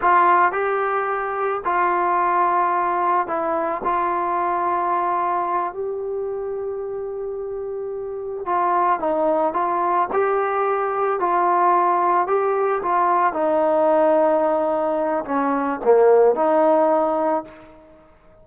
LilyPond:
\new Staff \with { instrumentName = "trombone" } { \time 4/4 \tempo 4 = 110 f'4 g'2 f'4~ | f'2 e'4 f'4~ | f'2~ f'8 g'4.~ | g'2.~ g'8 f'8~ |
f'8 dis'4 f'4 g'4.~ | g'8 f'2 g'4 f'8~ | f'8 dis'2.~ dis'8 | cis'4 ais4 dis'2 | }